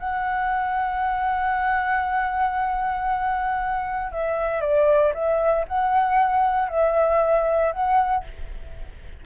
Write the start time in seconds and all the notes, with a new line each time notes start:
0.00 F#5
4.12 E5
4.62 D5
5.14 E5
5.68 F#5
6.69 E5
7.73 F#5